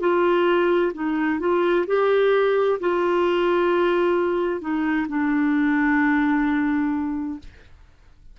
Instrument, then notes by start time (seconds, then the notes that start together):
clarinet
0.00 F4
0.94 D#4
1.40 F4
1.87 G4
2.80 F4
4.61 D#4
5.09 D4